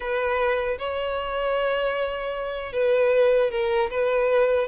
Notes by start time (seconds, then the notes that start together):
0.00 B4
0.78 C#5
2.72 B4
3.51 A#4
3.90 B4